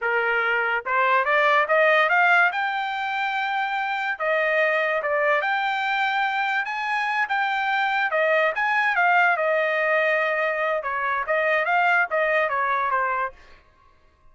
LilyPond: \new Staff \with { instrumentName = "trumpet" } { \time 4/4 \tempo 4 = 144 ais'2 c''4 d''4 | dis''4 f''4 g''2~ | g''2 dis''2 | d''4 g''2. |
gis''4. g''2 dis''8~ | dis''8 gis''4 f''4 dis''4.~ | dis''2 cis''4 dis''4 | f''4 dis''4 cis''4 c''4 | }